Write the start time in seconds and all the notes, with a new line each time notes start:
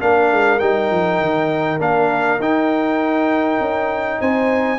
0.00 A#3 D4 A#4 F5
0.32 G#3
0.60 G3 D#4 G5
0.91 F3
1.21 D#3
1.80 A#3 D4 F5
2.40 D#4 G5
3.61 C#4
4.20 C4 C5 G#5